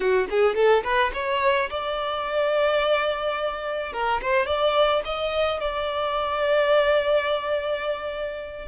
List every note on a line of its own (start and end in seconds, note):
0.00 0.27 F#4
0.30 0.55 G#4
0.55 0.83 A4
0.83 1.11 B4
1.13 1.69 C#5
1.69 3.92 D5
3.92 4.20 A#4
4.21 4.46 C5
4.46 5.02 D5
5.04 5.60 D#5
5.60 8.68 D5